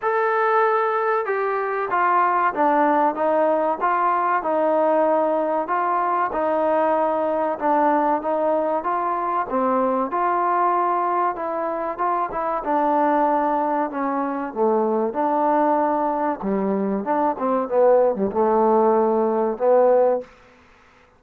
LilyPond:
\new Staff \with { instrumentName = "trombone" } { \time 4/4 \tempo 4 = 95 a'2 g'4 f'4 | d'4 dis'4 f'4 dis'4~ | dis'4 f'4 dis'2 | d'4 dis'4 f'4 c'4 |
f'2 e'4 f'8 e'8 | d'2 cis'4 a4 | d'2 g4 d'8 c'8 | b8. g16 a2 b4 | }